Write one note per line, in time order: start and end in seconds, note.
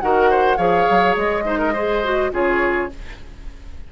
0.00 0.58 D#3
0.00 0.57 F#4
0.00 0.30 A#4
0.00 0.57 F#5
0.30 0.57 C5
0.57 0.86 F3
0.57 1.43 G#4
0.57 1.43 C#5
0.57 1.15 F5
0.90 1.16 F#3
1.16 2.31 G#3
1.16 2.32 D#5
1.44 1.73 D#4
1.44 1.59 C5
1.59 1.73 A#4
1.73 2.03 G#4
1.73 2.31 C5
2.03 2.31 F#4
2.31 2.89 C#3
2.31 2.89 F4
2.31 2.91 G#4
2.31 2.92 C#5